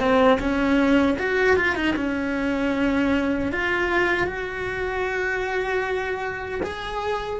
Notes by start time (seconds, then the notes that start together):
0.00 C4
0.40 C#4
1.19 F#4
1.57 F4
1.75 D#4
1.96 C#4
3.52 F4
4.27 F#4
6.63 G#4